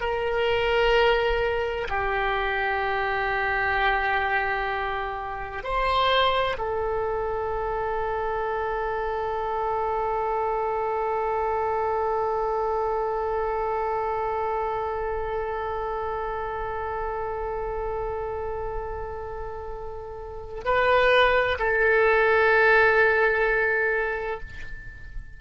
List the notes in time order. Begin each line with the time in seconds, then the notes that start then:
0.00 A#4
1.89 G4
5.63 C5
6.58 A4
20.64 B4
21.59 A4